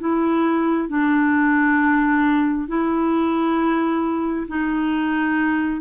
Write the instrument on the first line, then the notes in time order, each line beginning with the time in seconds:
clarinet
0.00 E4
0.89 D4
2.68 E4
4.48 D#4